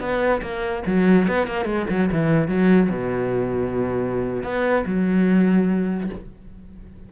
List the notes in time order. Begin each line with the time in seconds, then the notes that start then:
0.00 B3
0.42 A#3
0.86 F#3
1.28 B3
1.47 A#3
1.65 G#3
1.90 F#3
2.12 E3
2.48 F#3
2.90 B2
4.43 B3
4.86 F#3